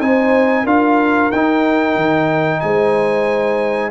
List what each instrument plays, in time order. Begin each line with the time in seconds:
0.00 tuba C4, trombone D#4, horn C5, trumpet G#5
0.63 tuba D4, trombone F4, horn A#4, trumpet F5
1.31 tuba D#4, trombone D#4, trumpet G5
1.96 tuba D#3
2.60 tuba G#3, horn C5, trumpet G#5